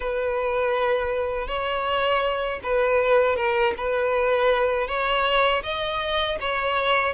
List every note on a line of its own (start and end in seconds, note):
0.00 1.47 B4
1.47 2.59 C#5
2.62 3.36 B4
3.36 3.73 A#4
3.77 4.87 B4
4.87 5.62 C#5
5.63 6.38 D#5
6.40 7.13 C#5